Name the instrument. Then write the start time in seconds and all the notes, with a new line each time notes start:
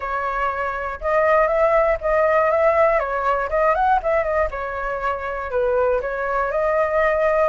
flute
0.00 C#5
1.00 D#5
1.47 E5
2.00 D#5
2.50 E5
2.99 C#5
3.49 D#5
3.74 F#5
4.02 E5
4.23 D#5
4.50 C#5
5.50 B4
6.01 C#5
6.51 D#5